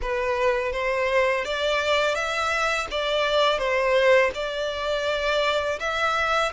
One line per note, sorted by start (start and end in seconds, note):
0.01 0.72 B4
0.72 1.44 C5
1.45 2.14 D5
2.14 2.87 E5
2.90 3.58 D5
3.58 4.30 C5
4.34 5.79 D5
5.79 6.52 E5